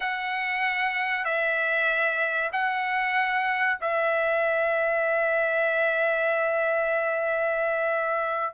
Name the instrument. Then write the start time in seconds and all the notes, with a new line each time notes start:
trumpet
0.00 F#5
1.24 E5
2.52 F#5
3.81 E5